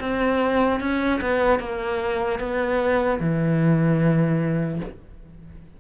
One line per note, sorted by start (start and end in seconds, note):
0.00 0.80 C4
0.80 1.20 C#4
1.21 1.59 B3
1.59 2.39 A#3
2.39 3.19 B3
3.20 4.80 E3